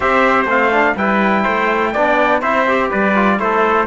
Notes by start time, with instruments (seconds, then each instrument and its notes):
0.00 cello C4, trombone G4, trumpet C5 E5
0.45 cello A3, trombone C4, trumpet F5
0.71 trombone D4
0.95 cello G3, trombone E4, trumpet B4 G5
1.43 cello A3, trumpet C5
1.93 cello B3, trombone D4, trumpet D5
2.41 cello C4, trombone E4, trumpet C5 E5
2.67 trombone G4
2.90 cello G3, trumpet B4 D5
3.15 trombone F4
3.39 cello A3, trombone E4, trumpet A4 C5